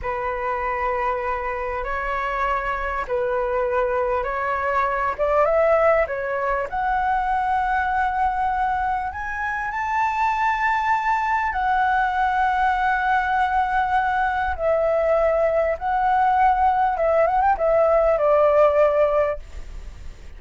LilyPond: \new Staff \with { instrumentName = "flute" } { \time 4/4 \tempo 4 = 99 b'2. cis''4~ | cis''4 b'2 cis''4~ | cis''8 d''8 e''4 cis''4 fis''4~ | fis''2. gis''4 |
a''2. fis''4~ | fis''1 | e''2 fis''2 | e''8 fis''16 g''16 e''4 d''2 | }